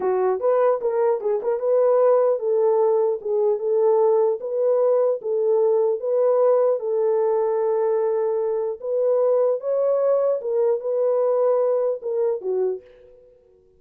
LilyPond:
\new Staff \with { instrumentName = "horn" } { \time 4/4 \tempo 4 = 150 fis'4 b'4 ais'4 gis'8 ais'8 | b'2 a'2 | gis'4 a'2 b'4~ | b'4 a'2 b'4~ |
b'4 a'2.~ | a'2 b'2 | cis''2 ais'4 b'4~ | b'2 ais'4 fis'4 | }